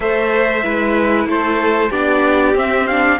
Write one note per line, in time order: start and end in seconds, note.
0.00 0.63 A3
0.00 0.62 A4
0.00 0.63 C5
0.00 1.27 E5
0.62 1.26 G#3
0.62 1.90 E4
0.62 1.27 B4
1.26 1.90 A3
1.26 1.90 A4
1.26 1.91 C5
1.90 2.54 B3
1.90 2.54 D4
1.90 3.17 G4
1.90 2.55 D5
2.54 3.18 C4
2.54 2.86 C4
2.54 2.87 E5
2.87 3.19 D4
2.87 3.19 F5